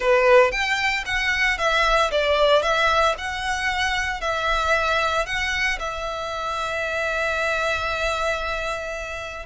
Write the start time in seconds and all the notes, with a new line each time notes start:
0.00 B4
0.51 G5
1.05 F#5
1.58 E5
2.11 D5
2.62 E5
3.18 F#5
4.20 E5
5.26 F#5
5.79 E5